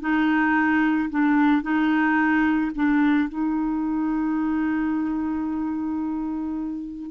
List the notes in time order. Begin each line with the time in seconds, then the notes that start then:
0.00 D#4
1.09 D4
1.62 D#4
2.75 D4
3.29 D#4